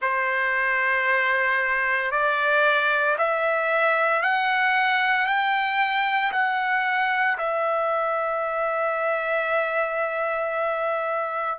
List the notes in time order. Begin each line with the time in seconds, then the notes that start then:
0.01 C5
2.11 D5
3.18 E5
4.22 F#5
5.26 G5
6.32 F#5
7.37 E5